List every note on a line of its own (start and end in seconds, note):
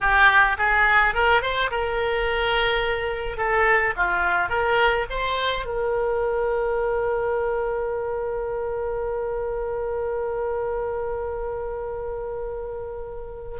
0.00 0.57 G4
0.57 1.14 G#4
1.14 1.42 A#4
1.42 1.70 C5
1.71 3.37 A#4
3.37 3.93 A4
3.96 4.49 F4
4.49 5.05 A#4
5.10 5.65 C5
5.65 13.58 A#4